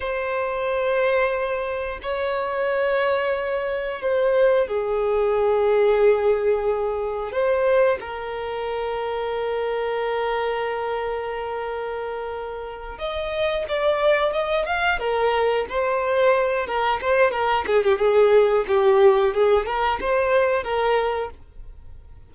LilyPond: \new Staff \with { instrumentName = "violin" } { \time 4/4 \tempo 4 = 90 c''2. cis''4~ | cis''2 c''4 gis'4~ | gis'2. c''4 | ais'1~ |
ais'2.~ ais'8 dis''8~ | dis''8 d''4 dis''8 f''8 ais'4 c''8~ | c''4 ais'8 c''8 ais'8 gis'16 g'16 gis'4 | g'4 gis'8 ais'8 c''4 ais'4 | }